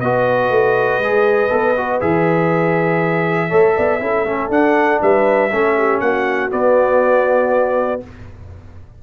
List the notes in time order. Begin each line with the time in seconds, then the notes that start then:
0.00 B3 F#4 B4 D#5
0.50 A3
0.99 G#3 G#4
1.49 B3 A4
1.77 F#4
2.00 E3 G#4 E5
3.48 A3 A4 C#5
3.76 B3 D5
4.00 C#4 E4 A4
4.24 A3 C#4
4.49 D4 F#5
5.02 G3 B4 E5
5.51 A3 C#4 A4
5.77 G4
6.00 A#3 F#4 F#5
6.50 B3 D5